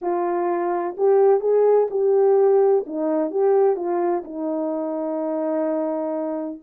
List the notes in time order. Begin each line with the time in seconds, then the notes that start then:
0.01 F4
0.97 G4
1.40 G#4
1.90 G4
2.86 D#4
3.30 G4
3.76 F4
4.24 D#4